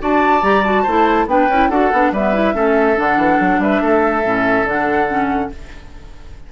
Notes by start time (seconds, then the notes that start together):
0.00 D4 F#4 D5 A5
0.43 G3 G4 A#5
0.64 F#4 A5
0.83 A3 E4 C5
1.26 B3 D4 B4 G5
1.49 C#4 E4
1.70 D4 F#4 A4 F#5
1.93 B3 D4
2.12 G3 B3 B4 E5
2.34 E4
2.54 A3 C#4 A4
2.96 D3 D4 F#5
3.17 E3
3.40 F#3
3.59 G3 B4 E5
3.82 A3 A4
4.24 A2 C#4
4.64 D3 D4 F#5
5.08 C#4